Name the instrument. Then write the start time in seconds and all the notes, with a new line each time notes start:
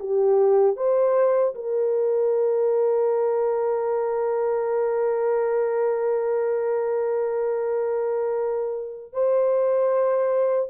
horn
0.00 G4
0.77 C5
1.55 A#4
9.13 C5